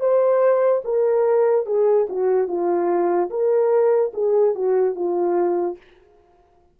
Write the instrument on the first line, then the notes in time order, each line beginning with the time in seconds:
horn
0.00 C5
0.85 A#4
1.66 G#4
2.09 F#4
2.48 F4
3.30 A#4
4.14 G#4
4.55 F#4
4.95 F4